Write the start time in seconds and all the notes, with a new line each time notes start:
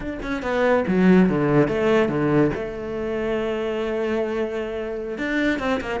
0.00 D4
0.22 C#4
0.42 B3
0.87 F#3
1.29 D3
1.68 A3
2.09 D3
2.54 A3
5.18 D4
5.59 C4
5.80 A#3